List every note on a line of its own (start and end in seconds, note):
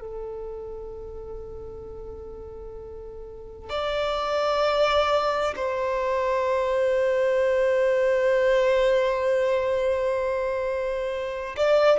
0.00 3.69 A4
3.69 5.54 D5
5.56 11.56 C5
11.56 11.99 D5